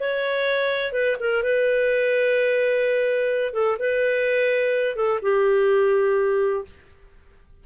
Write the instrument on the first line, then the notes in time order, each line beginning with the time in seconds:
clarinet
0.00 C#5
0.93 B4
1.20 A#4
1.43 B4
3.53 A4
3.79 B4
4.96 A4
5.22 G4